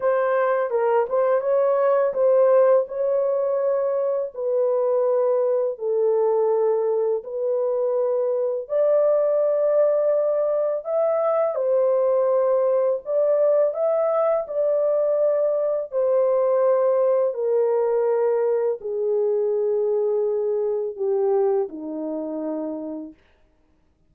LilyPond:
\new Staff \with { instrumentName = "horn" } { \time 4/4 \tempo 4 = 83 c''4 ais'8 c''8 cis''4 c''4 | cis''2 b'2 | a'2 b'2 | d''2. e''4 |
c''2 d''4 e''4 | d''2 c''2 | ais'2 gis'2~ | gis'4 g'4 dis'2 | }